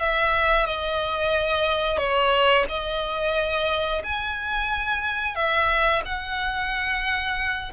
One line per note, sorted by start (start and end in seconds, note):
0.00 0.66 E5
0.66 1.98 D#5
1.98 2.64 C#5
2.69 4.02 D#5
4.04 5.35 G#5
5.35 6.02 E5
6.05 7.72 F#5